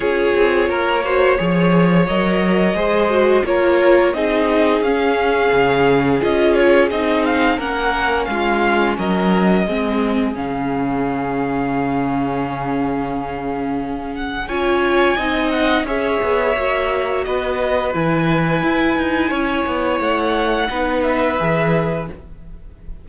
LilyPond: <<
  \new Staff \with { instrumentName = "violin" } { \time 4/4 \tempo 4 = 87 cis''2. dis''4~ | dis''4 cis''4 dis''4 f''4~ | f''4 dis''8 cis''8 dis''8 f''8 fis''4 | f''4 dis''2 f''4~ |
f''1~ | f''8 fis''8 gis''4. fis''8 e''4~ | e''4 dis''4 gis''2~ | gis''4 fis''4. e''4. | }
  \new Staff \with { instrumentName = "violin" } { \time 4/4 gis'4 ais'8 c''8 cis''2 | c''4 ais'4 gis'2~ | gis'2. ais'4 | f'4 ais'4 gis'2~ |
gis'1~ | gis'4 cis''4 dis''4 cis''4~ | cis''4 b'2. | cis''2 b'2 | }
  \new Staff \with { instrumentName = "viola" } { \time 4/4 f'4. fis'8 gis'4 ais'4 | gis'8 fis'8 f'4 dis'4 cis'4~ | cis'4 f'4 dis'4 cis'4~ | cis'2 c'4 cis'4~ |
cis'1~ | cis'4 f'4 dis'4 gis'4 | fis'2 e'2~ | e'2 dis'4 gis'4 | }
  \new Staff \with { instrumentName = "cello" } { \time 4/4 cis'8 c'8 ais4 f4 fis4 | gis4 ais4 c'4 cis'4 | cis4 cis'4 c'4 ais4 | gis4 fis4 gis4 cis4~ |
cis1~ | cis4 cis'4 c'4 cis'8 b8 | ais4 b4 e4 e'8 dis'8 | cis'8 b8 a4 b4 e4 | }
>>